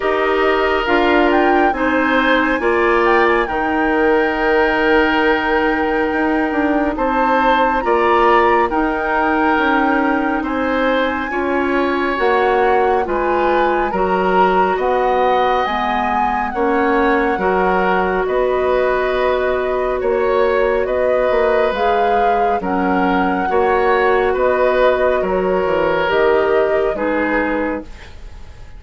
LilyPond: <<
  \new Staff \with { instrumentName = "flute" } { \time 4/4 \tempo 4 = 69 dis''4 f''8 g''8 gis''4. g''16 gis''16 | g''1 | a''4 ais''4 g''2 | gis''2 fis''4 gis''4 |
ais''4 fis''4 gis''4 fis''4~ | fis''4 dis''2 cis''4 | dis''4 f''4 fis''2 | dis''4 cis''4 dis''4 b'4 | }
  \new Staff \with { instrumentName = "oboe" } { \time 4/4 ais'2 c''4 d''4 | ais'1 | c''4 d''4 ais'2 | c''4 cis''2 b'4 |
ais'4 dis''2 cis''4 | ais'4 b'2 cis''4 | b'2 ais'4 cis''4 | b'4 ais'2 gis'4 | }
  \new Staff \with { instrumentName = "clarinet" } { \time 4/4 g'4 f'4 dis'4 f'4 | dis'1~ | dis'4 f'4 dis'2~ | dis'4 f'4 fis'4 f'4 |
fis'2 b4 cis'4 | fis'1~ | fis'4 gis'4 cis'4 fis'4~ | fis'2 g'4 dis'4 | }
  \new Staff \with { instrumentName = "bassoon" } { \time 4/4 dis'4 d'4 c'4 ais4 | dis2. dis'8 d'8 | c'4 ais4 dis'4 cis'4 | c'4 cis'4 ais4 gis4 |
fis4 b4 gis4 ais4 | fis4 b2 ais4 | b8 ais8 gis4 fis4 ais4 | b4 fis8 e8 dis4 gis4 | }
>>